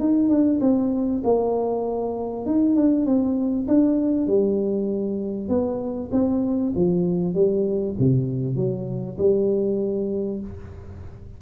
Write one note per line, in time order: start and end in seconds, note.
0.00 0.29 D#4
0.29 0.60 D4
0.61 1.22 C4
1.24 2.46 A#3
2.46 2.76 D#4
2.76 3.06 D4
3.06 3.67 C4
3.68 4.27 D4
4.27 5.49 G3
5.49 6.10 B3
6.12 6.73 C4
6.76 7.35 F3
7.35 7.96 G3
7.99 8.56 C3
8.56 9.17 F#3
9.18 10.40 G3